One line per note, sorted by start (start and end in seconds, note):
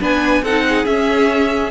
0.00 0.42 B3
0.00 0.43 D4
0.00 0.43 B4
0.00 0.44 G#5
0.42 0.85 C4
0.42 0.86 D#4
0.42 0.64 A4
0.42 0.85 F#5
0.68 1.71 G#4
0.85 1.71 C#4
0.85 1.71 E5